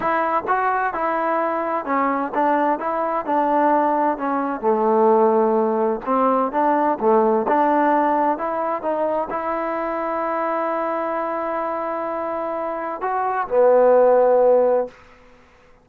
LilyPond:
\new Staff \with { instrumentName = "trombone" } { \time 4/4 \tempo 4 = 129 e'4 fis'4 e'2 | cis'4 d'4 e'4 d'4~ | d'4 cis'4 a2~ | a4 c'4 d'4 a4 |
d'2 e'4 dis'4 | e'1~ | e'1 | fis'4 b2. | }